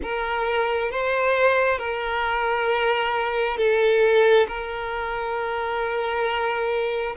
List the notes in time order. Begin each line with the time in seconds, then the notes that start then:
0.02 A#4
0.91 C5
1.78 A#4
3.57 A4
4.47 A#4